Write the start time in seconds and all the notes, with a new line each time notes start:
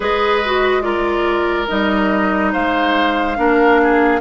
0.00 G#3 G#4 B4 D#5
0.44 F#4
0.82 F4 A#4 D5
1.68 G3 D#4 D#5
2.52 G#3 C5 F5
3.36 A#3 D4 A#4
3.82 G#4